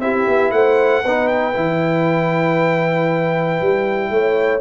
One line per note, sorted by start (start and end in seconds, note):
0.00 0.26 C4
0.00 1.04 E4
0.00 0.54 G4
0.00 0.51 E5
0.27 0.52 B3
0.51 1.03 A3
0.51 1.03 C5
0.51 1.28 F#5
1.03 1.55 B3
1.03 1.54 D#4
1.03 4.11 B4
1.28 4.61 G5
1.54 3.60 E3
1.54 4.61 E4
3.61 4.10 G3
4.10 4.61 A3
4.10 4.61 C#5